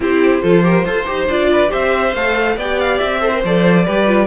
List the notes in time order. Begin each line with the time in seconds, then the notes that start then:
0.00 C4 E4 G4 C5
0.42 F3 F4 A4
0.63 G4 A#4
0.85 F4 A4 C5
1.05 D#4 G4
1.27 D4 F4 D5
1.52 B4
1.68 C4 G4 C5 E5
2.14 A3 A4 F5
2.56 B3 G4 D5 G5
2.79 F5
2.98 C4 E5
3.20 A4 C5
3.32 A#4
3.44 F3 A4 D5
3.84 G3 G4 B4
4.06 F4